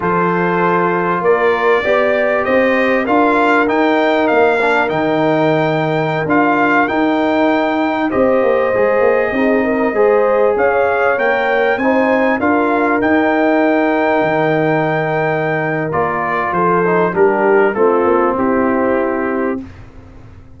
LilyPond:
<<
  \new Staff \with { instrumentName = "trumpet" } { \time 4/4 \tempo 4 = 98 c''2 d''2 | dis''4 f''4 g''4 f''4 | g''2~ g''16 f''4 g''8.~ | g''4~ g''16 dis''2~ dis''8.~ |
dis''4~ dis''16 f''4 g''4 gis''8.~ | gis''16 f''4 g''2~ g''8.~ | g''2 d''4 c''4 | ais'4 a'4 g'2 | }
  \new Staff \with { instrumentName = "horn" } { \time 4/4 a'2 ais'4 d''4 | c''4 ais'2.~ | ais'1~ | ais'4~ ais'16 c''2 gis'8 ais'16~ |
ais'16 c''4 cis''2 c''8.~ | c''16 ais'2.~ ais'8.~ | ais'2. a'4 | g'4 f'4 e'2 | }
  \new Staff \with { instrumentName = "trombone" } { \time 4/4 f'2. g'4~ | g'4 f'4 dis'4. d'8 | dis'2~ dis'16 f'4 dis'8.~ | dis'4~ dis'16 g'4 gis'4 dis'8.~ |
dis'16 gis'2 ais'4 dis'8.~ | dis'16 f'4 dis'2~ dis'8.~ | dis'2 f'4. dis'8 | d'4 c'2. | }
  \new Staff \with { instrumentName = "tuba" } { \time 4/4 f2 ais4 b4 | c'4 d'4 dis'4 ais4 | dis2~ dis16 d'4 dis'8.~ | dis'4~ dis'16 c'8 ais8 gis8 ais8 c'8.~ |
c'16 gis4 cis'4 ais4 c'8.~ | c'16 d'4 dis'2 dis8.~ | dis2 ais4 f4 | g4 a8 ais8 c'2 | }
>>